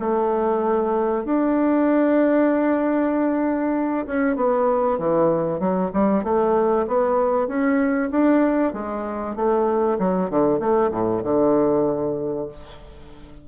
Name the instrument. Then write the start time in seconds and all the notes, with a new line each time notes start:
bassoon
0.00 A3
1.25 D4
4.07 C#4
4.36 B3
4.99 E3
5.60 F#3
5.93 G3
6.24 A3
6.88 B3
7.48 C#4
8.11 D4
8.74 G#3
9.36 A3
9.99 F#3
10.30 D3
10.60 A3
10.91 A2
11.23 D3